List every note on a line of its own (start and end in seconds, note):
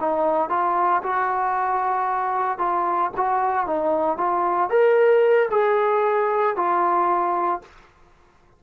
0.00 0.50 D#4
0.50 1.02 F4
1.03 2.58 F#4
2.58 3.11 F4
3.17 3.67 F#4
3.67 4.17 D#4
4.17 4.70 F4
4.70 5.49 A#4
5.51 6.56 G#4
6.56 7.61 F4